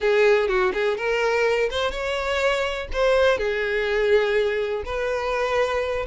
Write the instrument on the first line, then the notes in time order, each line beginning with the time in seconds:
violin
0.00 G#4
0.48 F#4
0.73 G#4
0.97 A#4
1.70 C5
1.91 C#5
2.92 C5
3.38 G#4
4.85 B4